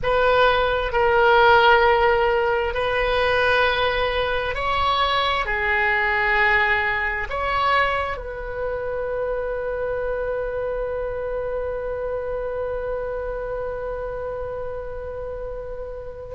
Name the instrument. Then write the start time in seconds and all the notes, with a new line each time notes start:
oboe
0.02 B4
0.92 A#4
2.74 B4
4.55 C#5
5.45 G#4
7.29 C#5
8.17 B4